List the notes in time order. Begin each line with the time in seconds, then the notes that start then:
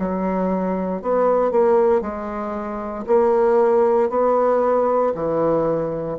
0.00 F#3
1.03 B3
1.52 A#3
2.02 G#3
3.07 A#3
4.10 B3
5.15 E3